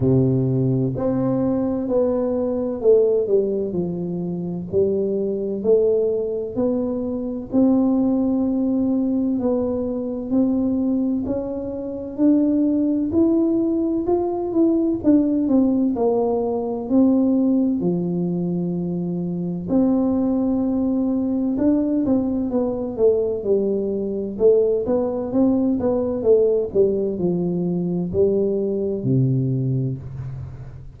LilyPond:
\new Staff \with { instrumentName = "tuba" } { \time 4/4 \tempo 4 = 64 c4 c'4 b4 a8 g8 | f4 g4 a4 b4 | c'2 b4 c'4 | cis'4 d'4 e'4 f'8 e'8 |
d'8 c'8 ais4 c'4 f4~ | f4 c'2 d'8 c'8 | b8 a8 g4 a8 b8 c'8 b8 | a8 g8 f4 g4 c4 | }